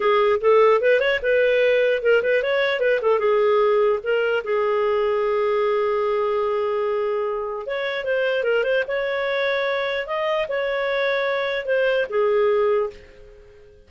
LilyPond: \new Staff \with { instrumentName = "clarinet" } { \time 4/4 \tempo 4 = 149 gis'4 a'4 b'8 cis''8 b'4~ | b'4 ais'8 b'8 cis''4 b'8 a'8 | gis'2 ais'4 gis'4~ | gis'1~ |
gis'2. cis''4 | c''4 ais'8 c''8 cis''2~ | cis''4 dis''4 cis''2~ | cis''4 c''4 gis'2 | }